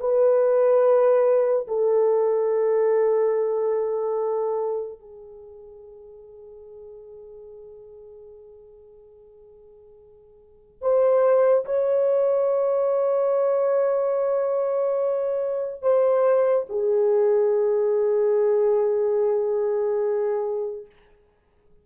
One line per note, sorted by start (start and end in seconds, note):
0.00 1.67 B4
1.68 5.00 A4
5.00 10.81 G#4
10.81 11.65 C5
11.65 15.82 C#5
15.82 16.66 C5
16.69 20.86 G#4